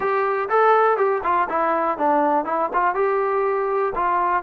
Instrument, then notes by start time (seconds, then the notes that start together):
trombone
0.00 G4
0.49 A4
0.97 G4
1.23 F4
1.49 E4
1.97 D4
2.45 E4
2.73 F4
2.95 G4
3.95 F4